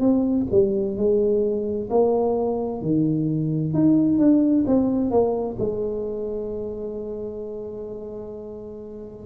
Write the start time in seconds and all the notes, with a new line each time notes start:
0.00 C4
0.52 G3
0.97 G#3
1.90 A#3
2.82 D#3
3.74 D#4
4.19 D4
4.67 C4
5.11 A#3
5.59 G#3